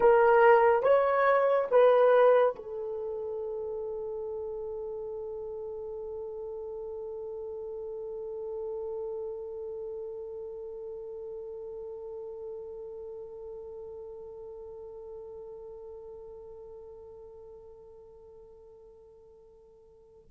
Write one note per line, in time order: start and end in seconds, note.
0.00 0.83 A#4
0.83 1.67 C#5
1.71 2.55 B4
2.55 20.30 A4